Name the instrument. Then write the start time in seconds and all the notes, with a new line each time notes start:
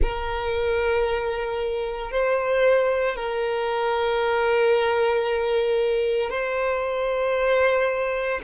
violin
0.01 A#4
2.11 C5
3.16 A#4
6.30 C5